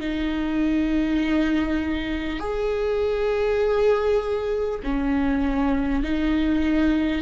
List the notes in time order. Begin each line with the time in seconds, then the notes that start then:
0.00 D#4
2.39 G#4
4.83 C#4
6.03 D#4